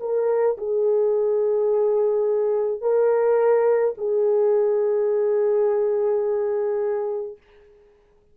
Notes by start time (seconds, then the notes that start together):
0.00 A#4
0.57 G#4
2.81 A#4
3.97 G#4